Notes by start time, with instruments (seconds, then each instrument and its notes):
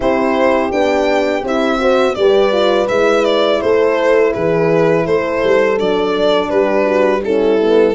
0.00 tuba C4, horn E4 G4, violin C5
0.71 tuba B3, horn D4, violin G5
1.43 tuba C4, horn E4, violin E5
1.78 horn F#4 C5
2.14 tuba G3, horn G4 B4, violin D5
2.52 horn F4
2.88 tuba G#3, horn E4, violin E5
3.24 violin D5
3.60 tuba A3, horn A4, violin C5
4.32 tuba E3, horn G#4, violin B4
5.05 tuba A3, horn A4, violin C5
5.43 tuba G3
5.77 tuba F#3, horn D4, violin D5
6.49 tuba G3, horn G4, violin B4
6.85 horn F#4
7.23 horn C#4 E4, violin A4
7.60 horn B3